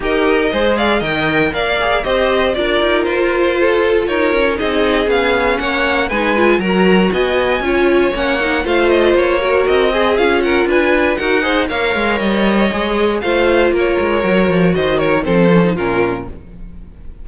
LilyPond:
<<
  \new Staff \with { instrumentName = "violin" } { \time 4/4 \tempo 4 = 118 dis''4. f''8 g''4 f''4 | dis''4 d''4 c''2 | cis''4 dis''4 f''4 fis''4 | gis''4 ais''4 gis''2 |
fis''4 f''8 dis''8 cis''4 dis''4 | f''8 fis''8 gis''4 fis''4 f''4 | dis''2 f''4 cis''4~ | cis''4 dis''8 cis''8 c''4 ais'4 | }
  \new Staff \with { instrumentName = "violin" } { \time 4/4 ais'4 c''8 d''8 dis''4 d''4 | c''4 ais'2 a'4 | ais'4 gis'2 cis''4 | b'4 ais'4 dis''4 cis''4~ |
cis''4 c''4. ais'4 gis'8~ | gis'8 ais'8 b'4 ais'8 c''8 cis''4~ | cis''2 c''4 ais'4~ | ais'4 c''8 ais'8 a'4 f'4 | }
  \new Staff \with { instrumentName = "viola" } { \time 4/4 g'4 gis'4 ais'4. gis'8 | g'4 f'2.~ | f'4 dis'4 cis'2 | dis'8 f'8 fis'2 f'4 |
cis'8 dis'8 f'4. fis'4 gis'8 | f'2 fis'8 gis'8 ais'4~ | ais'4 gis'4 f'2 | fis'2 c'8 cis'16 dis'16 cis'4 | }
  \new Staff \with { instrumentName = "cello" } { \time 4/4 dis'4 gis4 dis4 ais4 | c'4 d'8 dis'8 f'2 | dis'8 cis'8 c'4 b4 ais4 | gis4 fis4 b4 cis'4 |
ais4 a4 ais4 c'4 | cis'4 d'4 dis'4 ais8 gis8 | g4 gis4 a4 ais8 gis8 | fis8 f8 dis4 f4 ais,4 | }
>>